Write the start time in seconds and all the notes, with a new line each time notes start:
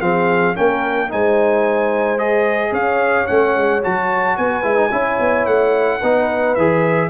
0.00 F3 C4 G#4 F5
0.54 A#3 C#4 A#4 G5
1.09 G#3 D#4 C5 G#5
2.18 G#4 D#5
2.71 C#4 C#5 F5
3.26 A3 C#4 F#5
3.56 G#3
3.82 F#3 F#4 A5
4.36 B3 B4 G#5
4.62 G#3 E4
4.76 D#4
4.91 C#4 E4 C#5
5.19 B3
5.45 A3 F#5
5.99 B3 D#4 B4
6.54 E3 G#4 E5